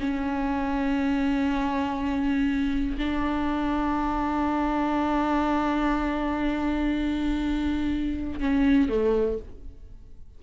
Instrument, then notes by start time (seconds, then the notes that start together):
viola
0.00 C#4
2.98 D4
8.40 C#4
8.89 A3